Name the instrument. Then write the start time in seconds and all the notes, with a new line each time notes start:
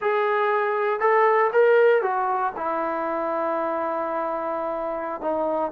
trombone
0.01 G#4
1.00 A4
1.52 A#4
2.02 F#4
2.56 E4
5.21 D#4